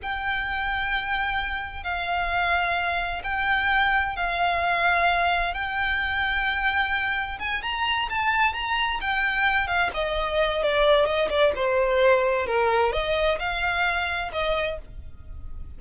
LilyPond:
\new Staff \with { instrumentName = "violin" } { \time 4/4 \tempo 4 = 130 g''1 | f''2. g''4~ | g''4 f''2. | g''1 |
gis''8 ais''4 a''4 ais''4 g''8~ | g''4 f''8 dis''4. d''4 | dis''8 d''8 c''2 ais'4 | dis''4 f''2 dis''4 | }